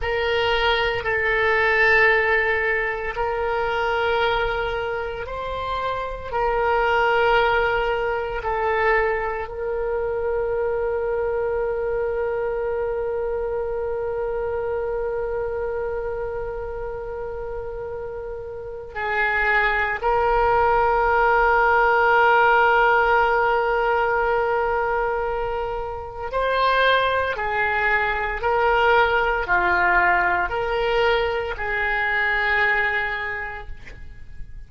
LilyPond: \new Staff \with { instrumentName = "oboe" } { \time 4/4 \tempo 4 = 57 ais'4 a'2 ais'4~ | ais'4 c''4 ais'2 | a'4 ais'2.~ | ais'1~ |
ais'2 gis'4 ais'4~ | ais'1~ | ais'4 c''4 gis'4 ais'4 | f'4 ais'4 gis'2 | }